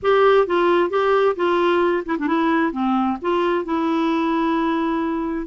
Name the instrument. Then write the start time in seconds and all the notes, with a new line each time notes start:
clarinet
0.02 G4
0.46 F4
0.90 G4
1.35 F4
2.05 E4
2.18 D4
2.27 E4
2.72 C4
3.21 F4
3.64 E4